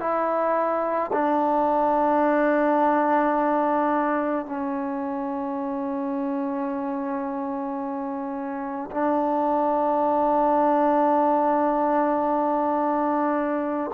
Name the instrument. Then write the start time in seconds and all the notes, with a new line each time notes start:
trombone
0.00 E4
1.13 D4
4.46 C#4
8.91 D4